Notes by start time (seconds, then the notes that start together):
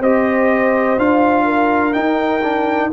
0.00 C4 G4 C5 D#5
0.98 D4 F4 F5
1.45 A#4
1.93 D#4 G5
2.43 D4